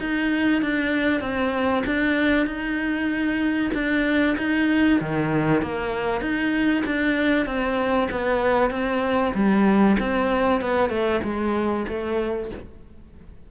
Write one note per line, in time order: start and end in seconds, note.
0.00 0.62 D#4
0.62 1.21 D4
1.21 1.84 C4
1.86 2.47 D4
2.47 3.72 D#4
3.74 4.37 D4
4.38 5.00 D#4
5.01 5.62 D#3
5.62 6.21 A#3
6.21 6.84 D#4
6.86 7.46 D4
7.46 8.09 C4
8.11 8.71 B3
8.71 9.33 C4
9.34 9.97 G3
10.00 10.61 C4
10.61 10.90 B3
10.90 11.21 A3
11.24 11.86 G#3
11.88 12.51 A3